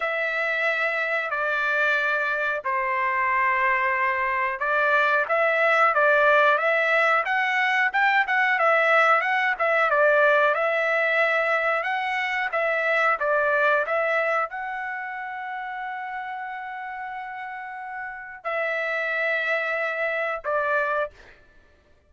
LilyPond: \new Staff \with { instrumentName = "trumpet" } { \time 4/4 \tempo 4 = 91 e''2 d''2 | c''2. d''4 | e''4 d''4 e''4 fis''4 | g''8 fis''8 e''4 fis''8 e''8 d''4 |
e''2 fis''4 e''4 | d''4 e''4 fis''2~ | fis''1 | e''2. d''4 | }